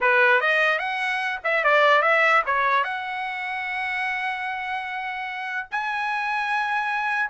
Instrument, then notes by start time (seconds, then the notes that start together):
trumpet
0.00 B4
0.41 D#5
0.78 F#5
1.44 E5
1.64 D5
2.02 E5
2.46 C#5
2.84 F#5
5.71 G#5